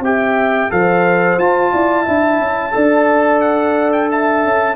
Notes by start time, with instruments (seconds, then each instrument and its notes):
0.00 tuba C4, trombone G4, horn E5, trumpet G5
0.70 tuba F3, trombone A4, horn C5, trumpet F5
1.38 tuba F4, trombone F4, trumpet A5
1.73 tuba E4, horn D5
2.03 tuba D4, trombone E4, horn E5
2.40 tuba C#4
2.72 tuba D4, trombone A4, horn D5
3.41 trumpet F#5
3.93 trumpet G5
4.11 horn E5, trumpet A5
4.44 tuba C#4